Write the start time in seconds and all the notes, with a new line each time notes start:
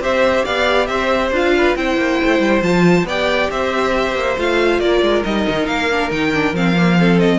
0.00 C4 G4 C5 E5
0.45 B3 D5 F5
0.86 C4 C5 E5
1.31 D4 F4 F5
1.57 B4
1.75 C4 E4 C5 G5
1.97 A#3
2.23 A3
2.39 G3
2.62 F3 F4 A5
3.04 B3 D5 G5
3.10 G4
3.50 C4 C5 E5
4.14 A#3
4.38 A3 F4 F5
4.79 A#3 A#4 D5
5.02 G#3
5.23 G3 D#4 D#5
5.48 D#3
5.66 A#3 F5
5.91 D4
6.10 D#3 D#4 G5
6.34 D4
6.52 F3 C4 F5
6.75 A#3
6.99 C4 A4
7.19 D#5